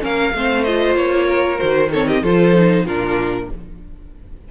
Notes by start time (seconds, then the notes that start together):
0.00 A#3 C#4 A#4 F5
0.34 A3 C4 C5
0.64 F4 D#5
0.96 A#3 C#5
1.26 A#4
1.56 F#4 C5
1.62 D#3
1.90 C4 A4 C#5
2.08 G4 D#5
2.22 F3 F4 A4 C5
2.55 D#4
2.85 A#2 D4 F4 A#4